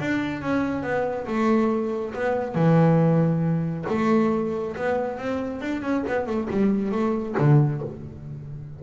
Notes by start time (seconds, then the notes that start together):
0.00 D4
0.42 C#4
0.83 B3
1.27 A3
2.14 B3
2.55 E3
3.89 A3
4.77 B3
5.18 C4
5.62 D4
5.83 C#4
6.08 B3
6.27 A3
6.51 G3
6.92 A3
7.39 D3